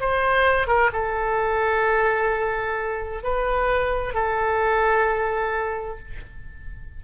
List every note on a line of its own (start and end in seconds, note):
0.00 0.68 C5
0.68 0.90 A#4
0.93 3.23 A4
3.23 4.14 B4
4.14 5.99 A4